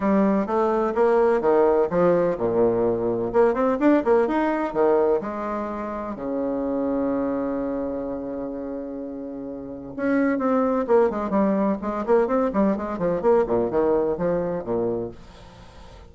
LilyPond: \new Staff \with { instrumentName = "bassoon" } { \time 4/4 \tempo 4 = 127 g4 a4 ais4 dis4 | f4 ais,2 ais8 c'8 | d'8 ais8 dis'4 dis4 gis4~ | gis4 cis2.~ |
cis1~ | cis4 cis'4 c'4 ais8 gis8 | g4 gis8 ais8 c'8 g8 gis8 f8 | ais8 ais,8 dis4 f4 ais,4 | }